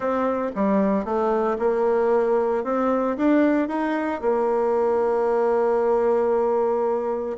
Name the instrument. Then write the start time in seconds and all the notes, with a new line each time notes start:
bassoon
0.00 C4
0.55 G3
1.04 A3
1.58 A#3
2.64 C4
3.17 D4
3.68 D#4
4.21 A#3